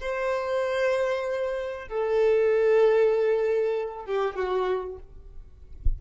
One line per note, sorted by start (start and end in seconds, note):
0.00 1.88 C5
1.88 4.05 A4
4.05 4.36 G4
4.36 4.98 F#4